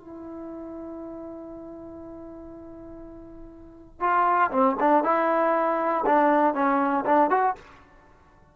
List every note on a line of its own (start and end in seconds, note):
0.00 4.01 E4
4.01 4.51 F4
4.51 4.76 C4
4.80 5.04 D4
5.04 6.05 E4
6.06 6.54 D4
6.54 7.05 C#4
7.06 7.30 D4
7.30 7.56 F#4